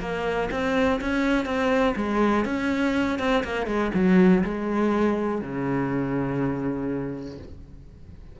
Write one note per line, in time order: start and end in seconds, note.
0.00 0.49 A#3
0.51 1.00 C4
1.01 1.45 C#4
1.45 1.94 C4
1.96 2.45 G#3
2.45 3.19 C#4
3.19 3.43 C4
3.43 3.66 A#3
3.66 3.91 G#3
3.94 4.43 F#3
4.44 5.41 G#3
5.41 7.38 C#3